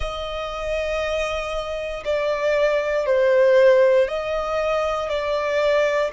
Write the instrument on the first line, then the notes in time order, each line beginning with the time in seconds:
violin
0.00 D#5
2.04 D5
3.06 C5
4.08 D#5
5.08 D5